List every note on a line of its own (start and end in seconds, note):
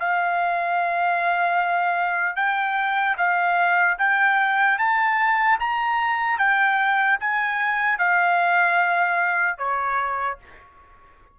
0.00 2.36 F5
2.36 3.16 G5
3.18 3.98 F5
3.99 4.79 G5
4.79 5.59 A5
5.60 6.39 A#5
6.39 7.19 G5
7.20 7.99 G#5
7.99 9.58 F5
9.58 10.38 C#5